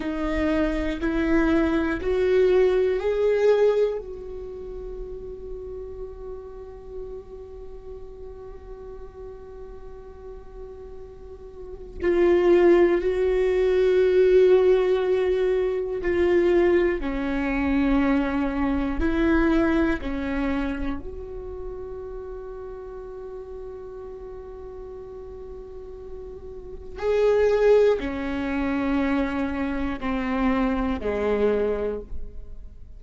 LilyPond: \new Staff \with { instrumentName = "viola" } { \time 4/4 \tempo 4 = 60 dis'4 e'4 fis'4 gis'4 | fis'1~ | fis'1 | f'4 fis'2. |
f'4 cis'2 e'4 | cis'4 fis'2.~ | fis'2. gis'4 | cis'2 c'4 gis4 | }